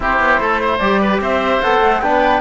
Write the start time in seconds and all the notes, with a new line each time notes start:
0.00 C4 E4 G4 C5
0.19 B3
0.40 A3 A4
0.60 C5
0.78 G3 G4 D5
1.01 B4
1.20 C4 C5 E5
1.62 B3 A4 F#5
1.81 A3
2.01 B3 D4 B4 G5